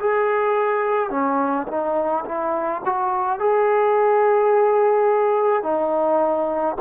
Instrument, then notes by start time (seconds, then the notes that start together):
trombone
0.00 G#4
1.10 C#4
1.68 D#4
2.25 E4
2.85 F#4
3.39 G#4
5.63 D#4